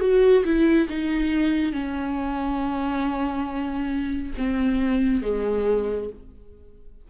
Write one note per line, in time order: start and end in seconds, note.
0.00 0.43 F#4
0.44 0.88 E4
0.89 1.72 D#4
1.72 4.33 C#4
4.37 5.22 C4
5.22 6.09 G#3